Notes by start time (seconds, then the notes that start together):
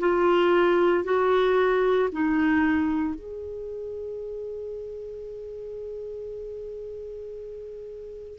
0.00 F4
1.04 F#4
2.12 D#4
3.15 G#4